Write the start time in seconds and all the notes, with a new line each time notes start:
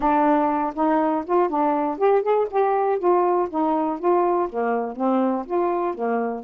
0.00 D4
0.74 D#4
1.26 F4
1.49 D4
1.97 G4
2.22 G#4
2.50 G4
2.98 F4
3.49 D#4
3.99 F4
4.49 A#3
4.96 C4
5.45 F4
5.94 A#3